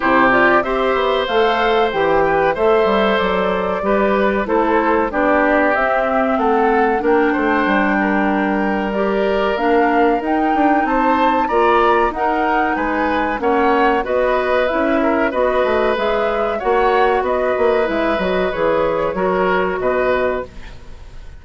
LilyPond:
<<
  \new Staff \with { instrumentName = "flute" } { \time 4/4 \tempo 4 = 94 c''8 d''8 e''4 f''4 g''4 | e''4 d''2 c''4 | d''4 e''4 fis''4 g''4~ | g''2 d''4 f''4 |
g''4 a''4 ais''4 fis''4 | gis''4 fis''4 dis''4 e''4 | dis''4 e''4 fis''4 dis''4 | e''8 dis''8 cis''2 dis''4 | }
  \new Staff \with { instrumentName = "oboe" } { \time 4/4 g'4 c''2~ c''8 b'8 | c''2 b'4 a'4 | g'2 a'4 ais'8 c''8~ | c''8 ais'2.~ ais'8~ |
ais'4 c''4 d''4 ais'4 | b'4 cis''4 b'4. ais'8 | b'2 cis''4 b'4~ | b'2 ais'4 b'4 | }
  \new Staff \with { instrumentName = "clarinet" } { \time 4/4 e'8 f'8 g'4 a'4 g'4 | a'2 g'4 e'4 | d'4 c'2 d'4~ | d'2 g'4 d'4 |
dis'2 f'4 dis'4~ | dis'4 cis'4 fis'4 e'4 | fis'4 gis'4 fis'2 | e'8 fis'8 gis'4 fis'2 | }
  \new Staff \with { instrumentName = "bassoon" } { \time 4/4 c4 c'8 b8 a4 e4 | a8 g8 fis4 g4 a4 | b4 c'4 a4 ais8 a8 | g2. ais4 |
dis'8 d'8 c'4 ais4 dis'4 | gis4 ais4 b4 cis'4 | b8 a8 gis4 ais4 b8 ais8 | gis8 fis8 e4 fis4 b,4 | }
>>